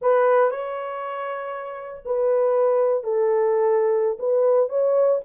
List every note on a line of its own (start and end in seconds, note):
0.01 0.50 B4
0.50 2.03 C#5
2.05 3.03 B4
3.03 4.17 A4
4.19 4.69 B4
4.69 5.20 C#5